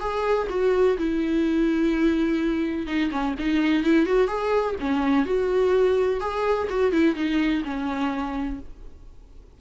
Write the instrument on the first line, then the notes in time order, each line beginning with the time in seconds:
viola
0.00 G#4
0.50 F#4
0.98 E4
2.87 D#4
3.11 C#4
3.39 D#4
3.84 E4
4.06 F#4
4.28 G#4
4.80 C#4
5.26 F#4
6.21 G#4
6.70 F#4
6.92 E4
7.15 D#4
7.65 C#4